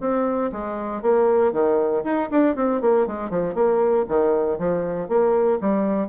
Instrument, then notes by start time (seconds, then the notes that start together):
bassoon
0.00 C4
0.52 G#3
1.02 A#3
1.52 D#3
2.04 D#4
2.30 D4
2.55 C4
2.81 A#3
3.06 G#3
3.29 F3
3.54 A#3
4.08 D#3
4.58 F3
5.08 A#3
5.60 G3